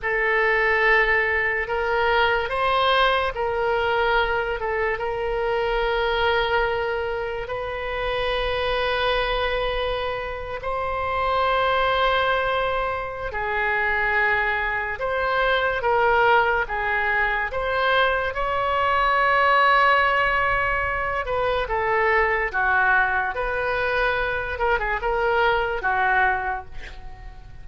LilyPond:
\new Staff \with { instrumentName = "oboe" } { \time 4/4 \tempo 4 = 72 a'2 ais'4 c''4 | ais'4. a'8 ais'2~ | ais'4 b'2.~ | b'8. c''2.~ c''16 |
gis'2 c''4 ais'4 | gis'4 c''4 cis''2~ | cis''4. b'8 a'4 fis'4 | b'4. ais'16 gis'16 ais'4 fis'4 | }